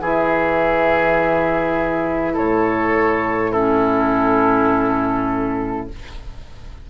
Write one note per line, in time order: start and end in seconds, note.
0.00 2.35 E3
0.00 3.53 E4
0.00 2.33 G#4
0.00 2.37 E5
2.33 5.90 A2
2.33 3.51 A4
2.33 3.52 C#5
3.51 5.89 C#4
3.51 5.86 E4
3.51 5.87 A4